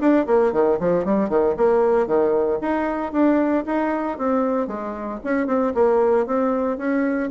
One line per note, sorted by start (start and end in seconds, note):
0.00 0.26 D4
0.26 0.52 A#3
0.52 0.78 D#3
0.80 1.05 F3
1.05 1.29 G3
1.29 1.55 D#3
1.57 2.07 A#3
2.07 2.59 D#3
2.61 3.12 D#4
3.12 3.65 D4
3.66 4.18 D#4
4.18 4.67 C4
4.67 5.20 G#3
5.24 5.47 C#4
5.47 5.73 C4
5.74 6.27 A#3
6.27 6.78 C4
6.78 7.30 C#4